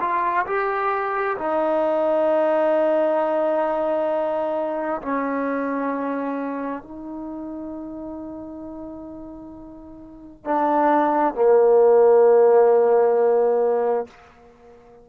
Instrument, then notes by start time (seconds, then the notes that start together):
trombone
0.00 F4
0.46 G4
1.38 D#4
5.02 C#4
6.82 D#4
10.44 D4
11.34 A#3